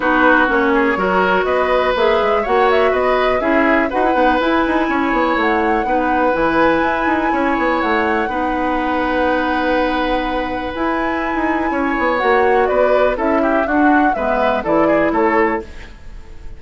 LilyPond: <<
  \new Staff \with { instrumentName = "flute" } { \time 4/4 \tempo 4 = 123 b'4 cis''2 dis''4 | e''4 fis''8 e''8 dis''4 e''4 | fis''4 gis''2 fis''4~ | fis''4 gis''2. |
fis''1~ | fis''2 gis''2~ | gis''4 fis''4 d''4 e''4 | fis''4 e''4 d''4 cis''4 | }
  \new Staff \with { instrumentName = "oboe" } { \time 4/4 fis'4. gis'8 ais'4 b'4~ | b'4 cis''4 b'4 gis'4 | b'2 cis''2 | b'2. cis''4~ |
cis''4 b'2.~ | b'1 | cis''2 b'4 a'8 g'8 | fis'4 b'4 a'8 gis'8 a'4 | }
  \new Staff \with { instrumentName = "clarinet" } { \time 4/4 dis'4 cis'4 fis'2 | gis'4 fis'2 e'4 | fis'16 e'16 dis'8 e'2. | dis'4 e'2.~ |
e'4 dis'2.~ | dis'2 e'2~ | e'4 fis'2 e'4 | d'4 b4 e'2 | }
  \new Staff \with { instrumentName = "bassoon" } { \time 4/4 b4 ais4 fis4 b4 | ais8 gis8 ais4 b4 cis'4 | dis'8 b8 e'8 dis'8 cis'8 b8 a4 | b4 e4 e'8 dis'8 cis'8 b8 |
a4 b2.~ | b2 e'4~ e'16 dis'8. | cis'8 b8 ais4 b4 cis'4 | d'4 gis4 e4 a4 | }
>>